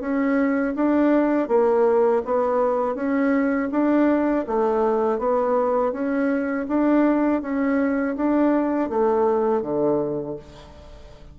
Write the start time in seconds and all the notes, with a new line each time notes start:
0.00 C#4
0.75 D4
1.48 A#3
2.25 B3
2.95 C#4
3.71 D4
4.47 A3
5.19 B3
5.92 C#4
6.68 D4
7.42 C#4
8.16 D4
8.89 A3
9.62 D3